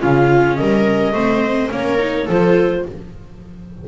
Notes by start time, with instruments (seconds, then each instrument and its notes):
0.00 double bass C#3, viola C#4 F4, clarinet F5
0.55 double bass G3, viola A#4, clarinet D#5
1.12 double bass A3, viola C4 C5
1.70 double bass A#3, viola C#4 A#4, clarinet C#5
1.98 viola D#4
2.25 double bass F3, viola A4, clarinet C5
2.31 viola F4